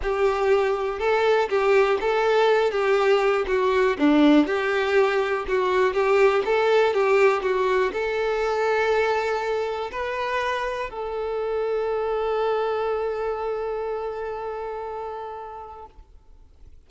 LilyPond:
\new Staff \with { instrumentName = "violin" } { \time 4/4 \tempo 4 = 121 g'2 a'4 g'4 | a'4. g'4. fis'4 | d'4 g'2 fis'4 | g'4 a'4 g'4 fis'4 |
a'1 | b'2 a'2~ | a'1~ | a'1 | }